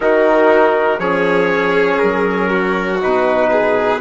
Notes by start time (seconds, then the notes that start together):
0.00 D#3 D#4 F#4 A#4
0.98 F3 C#4 G#4 C#5
1.98 F#3 A#4
2.49 F#4
3.00 B2 D#4 B4
3.51 G#4